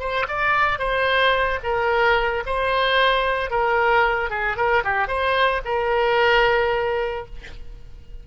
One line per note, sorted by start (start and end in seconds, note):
0.00 0.27 C5
0.28 0.79 D5
0.79 1.59 C5
1.64 2.44 A#4
2.46 3.51 C5
3.51 4.30 A#4
4.30 4.57 G#4
4.57 4.84 A#4
4.84 5.08 G4
5.08 5.61 C5
5.65 7.26 A#4